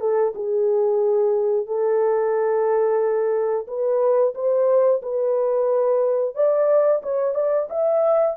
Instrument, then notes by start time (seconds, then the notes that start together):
horn
0.00 A4
0.35 G#4
1.66 A4
3.67 B4
4.35 C5
5.02 B4
6.35 D5
7.02 C#5
7.35 D5
7.70 E5